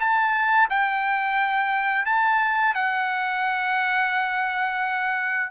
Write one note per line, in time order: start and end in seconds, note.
0.00 0.69 A5
0.70 2.06 G5
2.06 2.75 A5
2.75 5.51 F#5